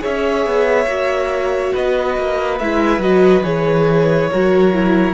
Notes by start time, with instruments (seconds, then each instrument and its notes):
0.00 viola G#4, violin C#5 E5
0.06 cello C#4
0.46 cello B3
0.86 cello A#3, viola F#4
1.73 cello B3, violin B4 D#5
2.18 cello A#3
2.59 cello G#3, viola E4, violin E5
2.99 cello F#3, viola F#4, violin D#5
3.44 cello E3, viola G#4, violin C#5
4.31 cello F#3, viola F#4, violin A#4
4.74 viola E4